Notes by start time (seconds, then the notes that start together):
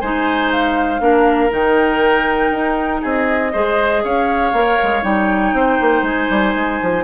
0.00 G#3 D#4 C5 G#5
0.51 F5
0.99 A#3 D4 A#4
1.49 D#3 D#4 G5
2.51 D#4
3.01 C4 G#4 D#5
3.52 G#3 G#4 C5
4.03 C#4 C#5 F5
4.52 A#3 A#4
4.82 G#3
5.02 G3 D#4 G5
5.53 C4 C5
5.80 A#3
6.02 G#3 G#5
6.30 G3
6.54 G#3
6.82 F3